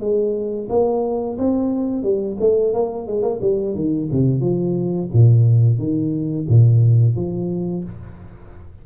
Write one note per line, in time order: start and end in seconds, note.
0.00 0.68 G#3
0.69 1.38 A#3
1.38 2.03 C4
2.03 2.37 G3
2.40 2.74 A3
2.74 3.07 A#3
3.07 3.23 G#3
3.23 3.40 A#3
3.41 3.75 G3
3.75 4.09 D#3
4.12 4.41 C3
4.41 5.09 F3
5.14 5.78 A#2
5.78 6.46 D#3
6.48 7.16 A#2
7.16 7.84 F3